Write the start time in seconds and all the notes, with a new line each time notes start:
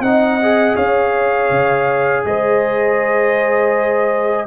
0.00 C4 D#4 D#5 F#5
0.41 G#4
0.76 C#4 C#5 F5
1.50 C#3
2.25 G#3 C5 D#5